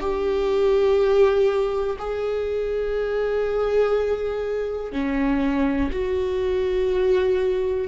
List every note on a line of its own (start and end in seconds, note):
0.00 1.97 G4
1.98 4.92 G#4
4.92 5.90 C#4
5.92 7.88 F#4